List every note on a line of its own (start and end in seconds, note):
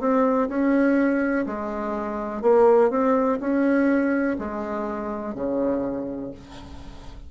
0.00 0.48 C4
0.49 1.46 C#4
1.46 2.42 G#3
2.42 2.90 A#3
2.90 3.39 C4
3.40 4.37 C#4
4.39 5.34 G#3
5.34 6.31 C#3